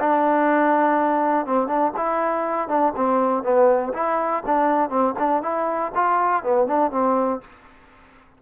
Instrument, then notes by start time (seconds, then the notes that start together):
trombone
0.00 D4
1.46 C4
1.67 D4
1.97 E4
2.68 D4
2.96 C4
3.43 B3
3.94 E4
4.46 D4
4.90 C4
5.19 D4
5.43 E4
5.95 F4
6.43 B3
6.67 D4
6.91 C4